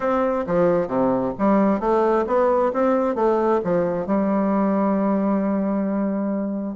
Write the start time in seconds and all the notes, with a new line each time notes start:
0.00 C4
0.46 F3
0.87 C3
1.38 G3
1.80 A3
2.26 B3
2.73 C4
3.15 A3
3.64 F3
4.06 G3